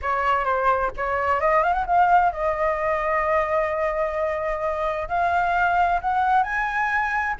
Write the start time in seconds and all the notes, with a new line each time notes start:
0.01 C#5
0.44 C5
0.97 C#5
1.40 D#5
1.63 F5
1.73 F#5
1.86 F5
2.32 D#5
5.08 F5
6.01 F#5
6.43 G#5